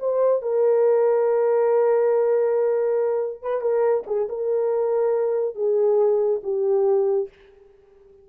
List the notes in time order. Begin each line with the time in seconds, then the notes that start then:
0.00 C5
0.42 A#4
3.42 B4
3.62 A#4
4.07 G#4
4.29 A#4
5.55 G#4
6.43 G4